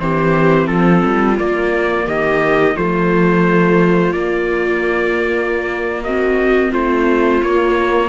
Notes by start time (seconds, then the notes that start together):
0.00 E3 C4 G4 C5
0.68 F3 F4 A4
1.06 G3
1.38 A#3 D5
2.07 D#3 G4 D#5
2.76 F3 A3 F4 C5
4.13 A#3 D5
6.04 C4 F#4 D#5
6.70 A3 F4 C5
7.43 A#3 C#5